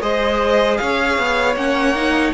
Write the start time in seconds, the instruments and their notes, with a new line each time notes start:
0.00 cello G#3, viola G#4, violin C5 D#5
0.78 cello C#4, violin C#5 F5
1.18 cello B3
1.55 cello A#3, viola C#4, violin F#5
1.95 viola D#4